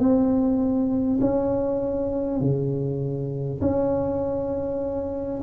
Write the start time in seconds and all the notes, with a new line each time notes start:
0.00 C4
1.21 C#4
2.41 C#3
3.61 C#4